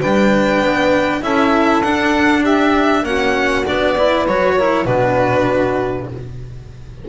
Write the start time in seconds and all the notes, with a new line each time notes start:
0.00 G3 D4 B4 G5
0.61 B3
1.22 C#4 E4 A4 E5
1.82 D4 F#5
2.41 G4 E5
3.03 A#3 C#4 F#4 F#5
3.66 B3 D4 D5
3.97 E4 B4
4.27 F#3 F#4 C#5
4.56 E4 A#4
4.85 B2 D4 F#4 B4